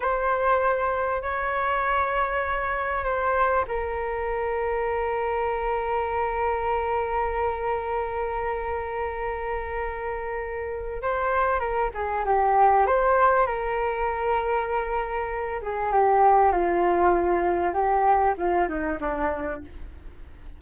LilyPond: \new Staff \with { instrumentName = "flute" } { \time 4/4 \tempo 4 = 98 c''2 cis''2~ | cis''4 c''4 ais'2~ | ais'1~ | ais'1~ |
ais'2 c''4 ais'8 gis'8 | g'4 c''4 ais'2~ | ais'4. gis'8 g'4 f'4~ | f'4 g'4 f'8 dis'8 d'4 | }